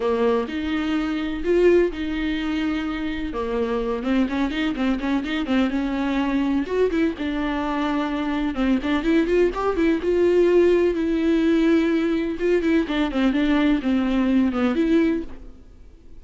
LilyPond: \new Staff \with { instrumentName = "viola" } { \time 4/4 \tempo 4 = 126 ais4 dis'2 f'4 | dis'2. ais4~ | ais8 c'8 cis'8 dis'8 c'8 cis'8 dis'8 c'8 | cis'2 fis'8 e'8 d'4~ |
d'2 c'8 d'8 e'8 f'8 | g'8 e'8 f'2 e'4~ | e'2 f'8 e'8 d'8 c'8 | d'4 c'4. b8 e'4 | }